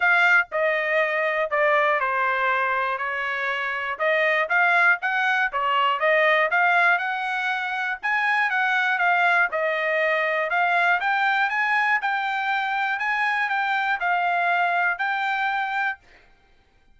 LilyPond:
\new Staff \with { instrumentName = "trumpet" } { \time 4/4 \tempo 4 = 120 f''4 dis''2 d''4 | c''2 cis''2 | dis''4 f''4 fis''4 cis''4 | dis''4 f''4 fis''2 |
gis''4 fis''4 f''4 dis''4~ | dis''4 f''4 g''4 gis''4 | g''2 gis''4 g''4 | f''2 g''2 | }